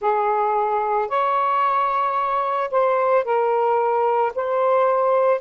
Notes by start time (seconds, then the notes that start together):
0.01 G#4
1.08 C#5
2.70 C5
3.24 A#4
4.35 C5